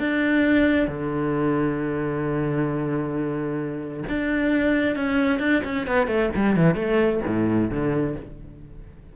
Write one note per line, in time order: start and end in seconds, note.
0.00 0.88 D4
0.88 4.04 D3
4.09 4.96 D4
4.96 5.40 C#4
5.40 5.62 D4
5.65 5.87 C#4
5.87 6.08 B3
6.08 6.30 A3
6.36 6.56 G3
6.56 6.76 E3
6.76 7.21 A3
7.27 7.71 A2
7.71 8.16 D3